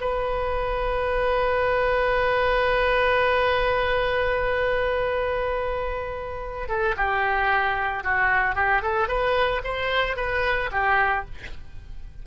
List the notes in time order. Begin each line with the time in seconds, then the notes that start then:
0.00 B4
6.68 A4
6.97 G4
8.03 F#4
8.55 G4
8.82 A4
9.08 B4
9.64 C5
10.16 B4
10.71 G4